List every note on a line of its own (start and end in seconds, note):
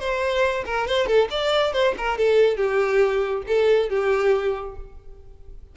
0.00 0.65 C5
0.66 0.88 A#4
0.88 1.07 C5
1.07 1.29 A4
1.31 1.73 D5
1.73 1.95 C5
1.98 2.18 A#4
2.18 2.57 A4
2.57 3.44 G4
3.48 3.90 A4
3.90 4.77 G4